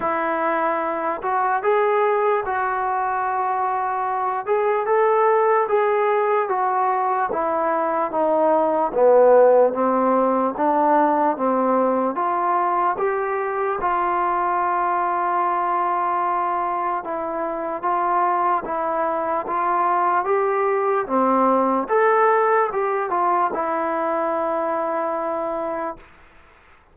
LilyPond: \new Staff \with { instrumentName = "trombone" } { \time 4/4 \tempo 4 = 74 e'4. fis'8 gis'4 fis'4~ | fis'4. gis'8 a'4 gis'4 | fis'4 e'4 dis'4 b4 | c'4 d'4 c'4 f'4 |
g'4 f'2.~ | f'4 e'4 f'4 e'4 | f'4 g'4 c'4 a'4 | g'8 f'8 e'2. | }